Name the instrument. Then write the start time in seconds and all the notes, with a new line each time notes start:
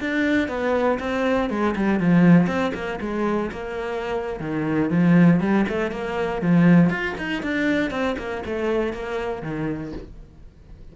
cello
0.00 D4
0.48 B3
0.99 C4
1.49 G#3
1.76 G3
2.00 F3
2.47 C4
2.74 A#3
3.00 G#3
3.52 A#3
4.40 D#3
4.90 F3
5.40 G3
5.69 A3
5.91 A#3
6.42 F3
6.90 F4
7.18 D#4
7.42 D4
7.90 C4
8.18 A#3
8.46 A3
8.93 A#3
9.42 D#3